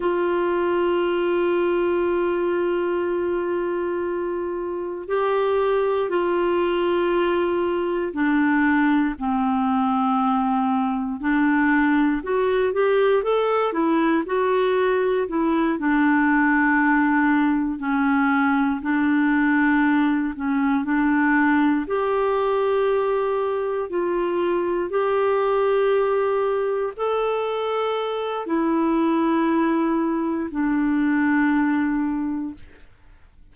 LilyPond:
\new Staff \with { instrumentName = "clarinet" } { \time 4/4 \tempo 4 = 59 f'1~ | f'4 g'4 f'2 | d'4 c'2 d'4 | fis'8 g'8 a'8 e'8 fis'4 e'8 d'8~ |
d'4. cis'4 d'4. | cis'8 d'4 g'2 f'8~ | f'8 g'2 a'4. | e'2 d'2 | }